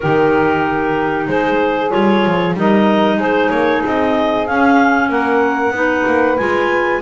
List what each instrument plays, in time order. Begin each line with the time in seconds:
0.00 double bass D#3, clarinet D#4 A#4, saxophone G4
1.27 double bass G#3, saxophone G#4, clarinet C5
1.90 double bass G3, clarinet F4 C#5
2.26 double bass F3
2.54 double bass G3, clarinet D#4 D#5, saxophone A#4
3.15 double bass G#3, saxophone G#4, clarinet C5
3.49 double bass A#3, clarinet C#5
3.85 double bass C4, clarinet D#5
4.46 clarinet C#4 F5, double bass C#4
5.09 double bass A#3, saxophone A#4, clarinet F#5
5.70 double bass B3, clarinet D#4, saxophone B4
6.06 double bass A#3
6.37 double bass G#3, clarinet F4 G#5